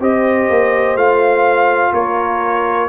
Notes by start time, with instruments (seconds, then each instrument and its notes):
0.00 tuba C4, trombone G4, horn C5, trumpet D#5
0.49 tuba A#3
0.95 tuba A3, trombone F4, trumpet F5
1.93 tuba A#3, horn A#4, trumpet C#5